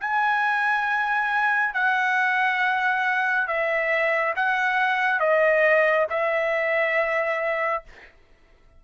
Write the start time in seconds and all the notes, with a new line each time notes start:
0.00 G#5
1.74 F#5
3.47 E5
4.36 F#5
5.20 D#5
6.09 E5